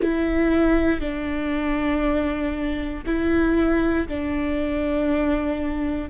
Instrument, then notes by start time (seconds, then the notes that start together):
viola
0.01 E4
1.00 D4
3.06 E4
4.08 D4